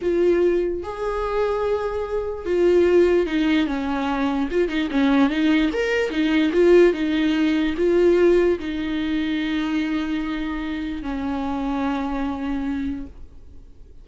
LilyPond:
\new Staff \with { instrumentName = "viola" } { \time 4/4 \tempo 4 = 147 f'2 gis'2~ | gis'2 f'2 | dis'4 cis'2 f'8 dis'8 | cis'4 dis'4 ais'4 dis'4 |
f'4 dis'2 f'4~ | f'4 dis'2.~ | dis'2. cis'4~ | cis'1 | }